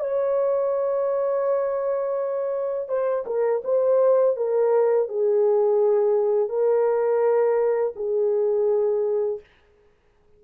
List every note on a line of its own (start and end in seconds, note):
0.00 2.88 C#5
2.88 3.25 C5
3.26 3.62 A#4
3.64 4.36 C5
4.37 5.09 A#4
5.09 6.49 G#4
6.49 7.94 A#4
7.96 9.40 G#4